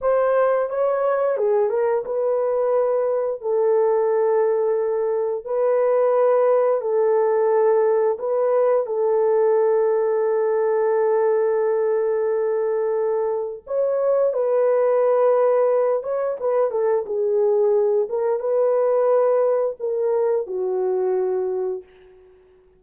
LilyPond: \new Staff \with { instrumentName = "horn" } { \time 4/4 \tempo 4 = 88 c''4 cis''4 gis'8 ais'8 b'4~ | b'4 a'2. | b'2 a'2 | b'4 a'2.~ |
a'1 | cis''4 b'2~ b'8 cis''8 | b'8 a'8 gis'4. ais'8 b'4~ | b'4 ais'4 fis'2 | }